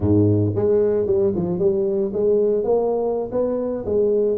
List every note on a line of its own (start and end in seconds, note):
0.00 0.53 G#2
0.55 1.06 G#3
1.06 1.33 G3
1.35 1.58 F3
1.58 2.11 G3
2.13 2.64 G#3
2.64 3.30 A#3
3.31 3.84 B3
3.85 4.38 G#3